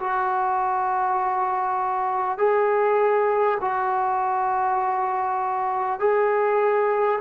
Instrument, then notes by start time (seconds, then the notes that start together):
trombone
0.00 F#4
2.38 G#4
3.61 F#4
6.00 G#4